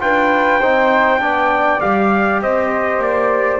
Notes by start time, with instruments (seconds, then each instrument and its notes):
0.00 double bass D4, trombone F4, flute B4, trumpet G5
0.59 double bass C4, trombone D#4, flute C5
1.19 double bass B3, trombone D4, flute D5
1.80 double bass G3, trombone G4, trumpet F5
2.42 double bass C4, flute C5, trumpet D#5
2.98 double bass A#3, trumpet D5